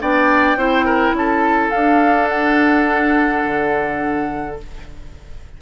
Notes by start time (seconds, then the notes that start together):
0.00 B3 D4 D5 G5
0.56 C4 E4 C5
0.85 A#4
1.13 C#4 A4 A5
1.71 D4 F5
2.28 F#5
3.44 D3